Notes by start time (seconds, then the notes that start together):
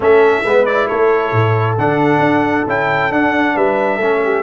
0.00 A3 C#4 A4 E5
0.44 G#3 B3 B4
0.65 E4 D5
0.88 A3 A4 C#5
1.32 A2
1.78 D3 D4 F#5
2.19 D4
2.66 C#4 E4 G5
3.11 D4 F#5
3.55 G3 B4 E5
3.96 A3 C#4 A4
4.24 G4